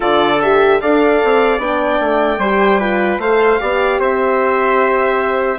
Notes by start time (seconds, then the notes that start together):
0.00 D3 F4 A4 D5
0.42 G4 E5
0.81 D4 A4 D5 F5
1.24 C4
1.58 B3 D4 G5
2.00 A3
2.38 G3 G4 C5
2.79 F4 B4
3.18 A3 A4 C5 F5
3.59 B3 G4 D5
3.99 C4 C5 E5